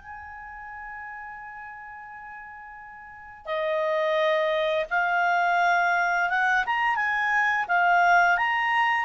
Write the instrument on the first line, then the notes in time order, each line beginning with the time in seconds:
clarinet
0.00 G#5
3.46 D#5
4.90 F5
6.30 F#5
6.67 A#5
6.96 G#5
7.68 F5
8.38 A#5